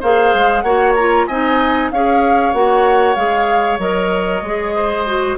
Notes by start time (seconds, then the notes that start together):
0.00 A#3 G#4 C5 F5
0.34 G#3
0.61 A#3 F#4 C#5 F#5
0.95 F4 A#5
1.27 C4 D#4 D#5 G#5
1.91 C#4 G#4 C#5 F5
2.53 A#3 F#4 F#5
3.15 G#3 G#4 F5
3.78 F#3 A#4 D#5
4.41 G#3 G#4
4.75 C5
5.06 F#4